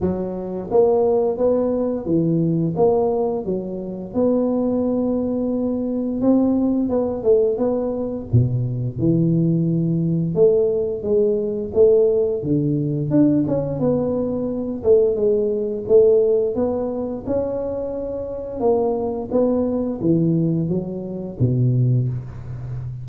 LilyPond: \new Staff \with { instrumentName = "tuba" } { \time 4/4 \tempo 4 = 87 fis4 ais4 b4 e4 | ais4 fis4 b2~ | b4 c'4 b8 a8 b4 | b,4 e2 a4 |
gis4 a4 d4 d'8 cis'8 | b4. a8 gis4 a4 | b4 cis'2 ais4 | b4 e4 fis4 b,4 | }